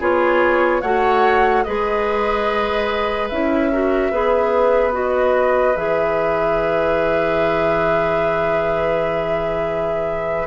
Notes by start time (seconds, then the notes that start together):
0.00 B3 F4 G#4 C#5
0.82 A3 F#4 C#5 F#5
1.64 G#3 G#4 B4 D#5
3.29 C#4 E4 E5
3.72 F#4 A#4
4.11 B3 G#4 B4
4.92 F#4 D#5
5.76 E3 G#4 E5